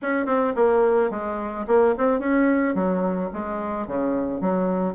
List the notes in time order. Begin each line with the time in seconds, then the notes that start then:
0.02 C#4
0.26 C4
0.55 A#3
1.10 G#3
1.67 A#3
1.97 C4
2.19 C#4
2.74 F#3
3.33 G#3
3.87 C#3
4.40 F#3